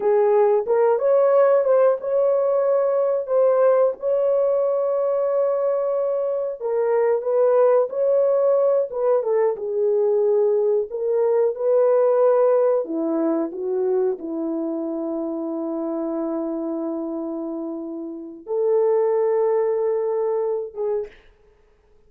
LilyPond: \new Staff \with { instrumentName = "horn" } { \time 4/4 \tempo 4 = 91 gis'4 ais'8 cis''4 c''8 cis''4~ | cis''4 c''4 cis''2~ | cis''2 ais'4 b'4 | cis''4. b'8 a'8 gis'4.~ |
gis'8 ais'4 b'2 e'8~ | e'8 fis'4 e'2~ e'8~ | e'1 | a'2.~ a'8 gis'8 | }